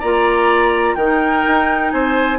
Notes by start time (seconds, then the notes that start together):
0.00 A#3 F4 D5 A#5
0.96 D#3 D#4 A#4 G5
1.48 D#4
1.91 C4 C5 G#5